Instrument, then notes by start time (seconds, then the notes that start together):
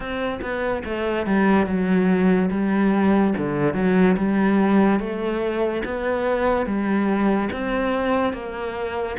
cello
0.00 C4
0.41 B3
0.84 A3
1.26 G3
1.66 F#3
2.50 G3
3.37 D3
3.74 F#3
4.16 G3
4.99 A3
5.84 B3
6.66 G3
7.52 C4
8.33 A#3